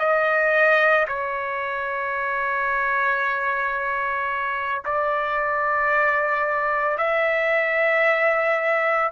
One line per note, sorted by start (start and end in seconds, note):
0.00 1.07 D#5
1.08 4.83 C#5
4.86 6.98 D5
6.98 9.12 E5